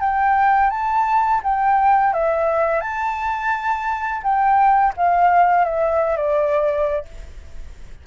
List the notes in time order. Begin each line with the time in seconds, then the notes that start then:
0.00 G5
0.70 A5
1.43 G5
2.13 E5
2.80 A5
4.23 G5
4.96 F5
5.64 E5
6.16 D5